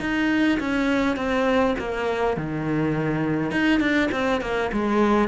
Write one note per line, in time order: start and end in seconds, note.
0.00 0.59 D#4
0.60 1.17 C#4
1.17 1.75 C4
1.79 2.37 A#3
2.37 3.51 D#3
3.51 3.80 D#4
3.80 4.09 D4
4.12 4.41 C4
4.41 4.71 A#3
4.72 5.28 G#3